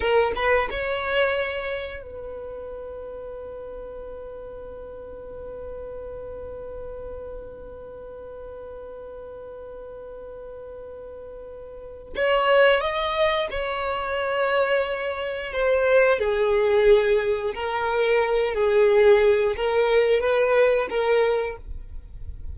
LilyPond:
\new Staff \with { instrumentName = "violin" } { \time 4/4 \tempo 4 = 89 ais'8 b'8 cis''2 b'4~ | b'1~ | b'1~ | b'1~ |
b'2 cis''4 dis''4 | cis''2. c''4 | gis'2 ais'4. gis'8~ | gis'4 ais'4 b'4 ais'4 | }